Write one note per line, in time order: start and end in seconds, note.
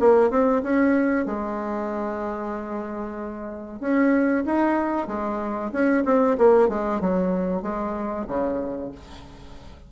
0.00 0.30 A#3
0.30 0.62 C4
0.63 1.26 C#4
1.26 3.81 G#3
3.81 4.44 C#4
4.45 5.07 D#4
5.07 5.72 G#3
5.72 6.04 C#4
6.05 6.37 C4
6.38 6.69 A#3
6.69 7.01 G#3
7.01 7.62 F#3
7.62 8.26 G#3
8.28 8.92 C#3